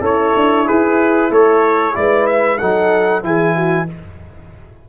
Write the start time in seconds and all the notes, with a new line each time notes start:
0.00 C#4 E4 A4 C#5
0.36 D4
0.65 E4 G#4 B4
1.30 A3 A4 C#5
1.93 G#3 E4 B4 D5
2.26 E5
2.58 F#3 D#4 A4 F#5
3.22 E3 E4 G#4 G#5
3.54 F#4